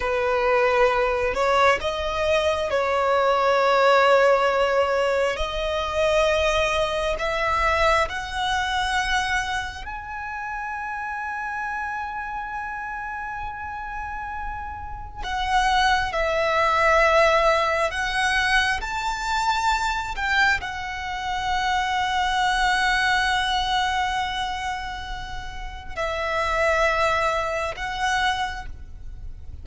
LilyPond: \new Staff \with { instrumentName = "violin" } { \time 4/4 \tempo 4 = 67 b'4. cis''8 dis''4 cis''4~ | cis''2 dis''2 | e''4 fis''2 gis''4~ | gis''1~ |
gis''4 fis''4 e''2 | fis''4 a''4. g''8 fis''4~ | fis''1~ | fis''4 e''2 fis''4 | }